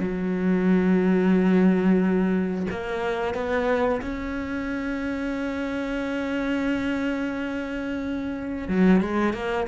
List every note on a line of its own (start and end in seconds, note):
0.00 2.67 F#3
2.71 3.34 A#3
3.34 4.01 B3
4.02 8.68 C#4
8.68 9.01 F#3
9.01 9.34 G#3
9.34 9.67 A#3